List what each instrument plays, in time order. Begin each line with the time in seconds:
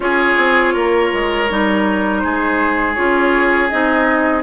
0.00 bassoon C#4, clarinet F4, oboe G#4, flute C#5
0.37 bassoon C4
0.73 bassoon A#3, oboe A#4
1.13 bassoon G#3
1.49 bassoon G3, clarinet D#4
2.19 oboe G#4, flute C5
2.25 bassoon G#3
2.94 bassoon C#4, clarinet F4, flute C#5
3.68 bassoon C4, clarinet D#4, flute D#5